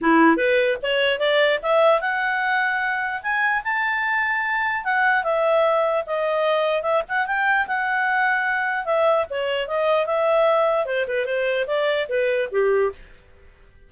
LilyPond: \new Staff \with { instrumentName = "clarinet" } { \time 4/4 \tempo 4 = 149 e'4 b'4 cis''4 d''4 | e''4 fis''2. | gis''4 a''2. | fis''4 e''2 dis''4~ |
dis''4 e''8 fis''8 g''4 fis''4~ | fis''2 e''4 cis''4 | dis''4 e''2 c''8 b'8 | c''4 d''4 b'4 g'4 | }